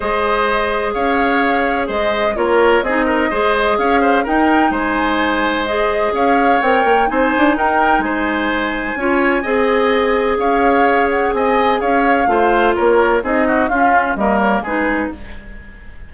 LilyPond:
<<
  \new Staff \with { instrumentName = "flute" } { \time 4/4 \tempo 4 = 127 dis''2 f''2 | dis''4 cis''4 dis''2 | f''4 g''4 gis''2 | dis''4 f''4 g''4 gis''4 |
g''4 gis''2.~ | gis''2 f''4. fis''8 | gis''4 f''2 cis''4 | dis''4 f''4 dis''8 cis''8 b'4 | }
  \new Staff \with { instrumentName = "oboe" } { \time 4/4 c''2 cis''2 | c''4 ais'4 gis'8 ais'8 c''4 | cis''8 c''8 ais'4 c''2~ | c''4 cis''2 c''4 |
ais'4 c''2 cis''4 | dis''2 cis''2 | dis''4 cis''4 c''4 ais'4 | gis'8 fis'8 f'4 ais'4 gis'4 | }
  \new Staff \with { instrumentName = "clarinet" } { \time 4/4 gis'1~ | gis'4 f'4 dis'4 gis'4~ | gis'4 dis'2. | gis'2 ais'4 dis'4~ |
dis'2. f'4 | gis'1~ | gis'2 f'2 | dis'4 cis'4 ais4 dis'4 | }
  \new Staff \with { instrumentName = "bassoon" } { \time 4/4 gis2 cis'2 | gis4 ais4 c'4 gis4 | cis'4 dis'4 gis2~ | gis4 cis'4 c'8 ais8 c'8 d'8 |
dis'4 gis2 cis'4 | c'2 cis'2 | c'4 cis'4 a4 ais4 | c'4 cis'4 g4 gis4 | }
>>